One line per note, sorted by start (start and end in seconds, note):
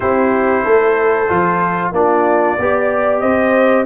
0.00 0.65 C4
0.00 1.27 E4
0.00 0.64 G4
0.00 1.91 C5
0.64 1.29 A3
0.64 1.93 A4
1.29 1.92 F3
1.29 1.93 F4
1.92 2.56 A#3
1.92 2.58 D4
1.92 2.59 F4
1.92 3.20 D5
2.58 3.22 B3
2.58 3.85 G4
2.58 3.21 D5
3.20 3.85 C4
3.20 3.85 C5
3.20 3.84 D#5